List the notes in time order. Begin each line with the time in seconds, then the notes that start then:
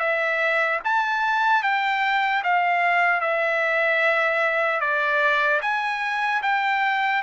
0.00 E5
0.85 A5
1.63 G5
2.44 F5
3.21 E5
4.81 D5
5.62 G#5
6.43 G5